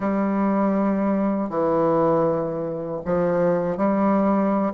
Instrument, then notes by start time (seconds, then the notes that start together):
bassoon
0.00 G3
1.49 E3
3.05 F3
3.77 G3